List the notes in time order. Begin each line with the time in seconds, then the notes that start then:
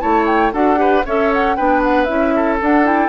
0.00 A3 E4 C#5 A5
0.26 G5
0.53 D4 F#4 A4 F#5
0.76 G4 B4
1.05 C#4 A4 C#5 E5
1.33 F#5
1.56 B3 D4 B4 G5
1.83 F#5
2.04 C#4 E4 E5
2.35 A4
2.60 D4 F#5
2.85 E4 G5